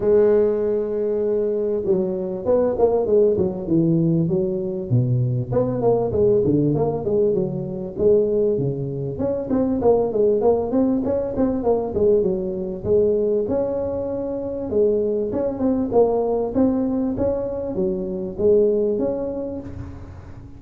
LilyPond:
\new Staff \with { instrumentName = "tuba" } { \time 4/4 \tempo 4 = 98 gis2. fis4 | b8 ais8 gis8 fis8 e4 fis4 | b,4 b8 ais8 gis8 d8 ais8 gis8 | fis4 gis4 cis4 cis'8 c'8 |
ais8 gis8 ais8 c'8 cis'8 c'8 ais8 gis8 | fis4 gis4 cis'2 | gis4 cis'8 c'8 ais4 c'4 | cis'4 fis4 gis4 cis'4 | }